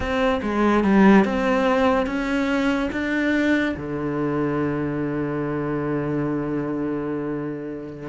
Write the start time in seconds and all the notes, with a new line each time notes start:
0.00 C4
0.42 G#3
0.84 G3
1.24 C4
2.06 C#4
2.92 D4
3.77 D3